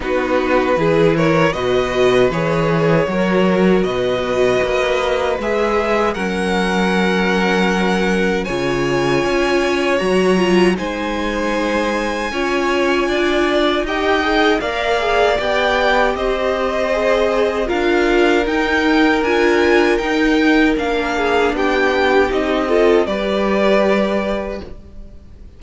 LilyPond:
<<
  \new Staff \with { instrumentName = "violin" } { \time 4/4 \tempo 4 = 78 b'4. cis''8 dis''4 cis''4~ | cis''4 dis''2 e''4 | fis''2. gis''4~ | gis''4 ais''4 gis''2~ |
gis''2 g''4 f''4 | g''4 dis''2 f''4 | g''4 gis''4 g''4 f''4 | g''4 dis''4 d''2 | }
  \new Staff \with { instrumentName = "violin" } { \time 4/4 fis'4 gis'8 ais'8 b'2 | ais'4 b'2. | ais'2. cis''4~ | cis''2 c''2 |
cis''4 d''4 dis''4 d''4~ | d''4 c''2 ais'4~ | ais'2.~ ais'8 gis'8 | g'4. a'8 b'2 | }
  \new Staff \with { instrumentName = "viola" } { \time 4/4 dis'4 e'4 fis'4 gis'4 | fis'2. gis'4 | cis'2. f'4~ | f'4 fis'8 f'8 dis'2 |
f'2 g'8 gis'8 ais'8 gis'8 | g'2 gis'4 f'4 | dis'4 f'4 dis'4 d'4~ | d'4 dis'8 f'8 g'2 | }
  \new Staff \with { instrumentName = "cello" } { \time 4/4 b4 e4 b,4 e4 | fis4 b,4 ais4 gis4 | fis2. cis4 | cis'4 fis4 gis2 |
cis'4 d'4 dis'4 ais4 | b4 c'2 d'4 | dis'4 d'4 dis'4 ais4 | b4 c'4 g2 | }
>>